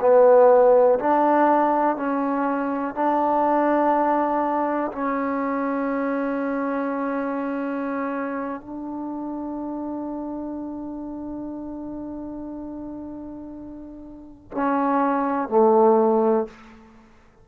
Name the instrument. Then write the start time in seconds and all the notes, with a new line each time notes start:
trombone
0.00 B3
0.99 D4
1.96 C#4
2.95 D4
4.92 C#4
8.61 D4
14.51 C#4
15.48 A3